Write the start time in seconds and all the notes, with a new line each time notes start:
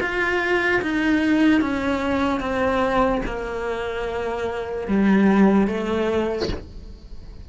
0.00 F4
0.81 D#4
1.60 C#4
2.40 C4
3.25 A#3
4.87 G3
5.67 A3